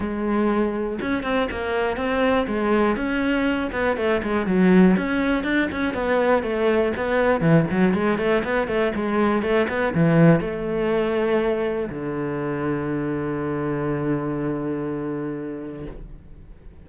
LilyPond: \new Staff \with { instrumentName = "cello" } { \time 4/4 \tempo 4 = 121 gis2 cis'8 c'8 ais4 | c'4 gis4 cis'4. b8 | a8 gis8 fis4 cis'4 d'8 cis'8 | b4 a4 b4 e8 fis8 |
gis8 a8 b8 a8 gis4 a8 b8 | e4 a2. | d1~ | d1 | }